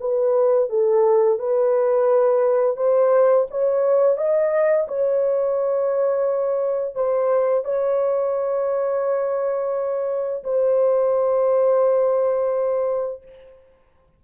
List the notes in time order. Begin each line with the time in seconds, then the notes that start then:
0.00 B4
0.69 A4
1.39 B4
2.77 C5
3.50 C#5
4.17 D#5
4.87 C#5
6.95 C5
7.64 C#5
10.43 C5